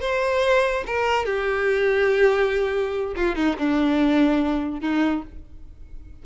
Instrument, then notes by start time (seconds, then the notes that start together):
violin
0.00 C5
0.86 A#4
1.25 G4
3.16 F4
3.35 D#4
3.58 D4
4.81 D#4